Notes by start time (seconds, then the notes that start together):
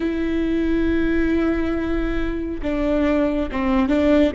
0.00 E4
2.62 D4
3.51 C4
3.88 D4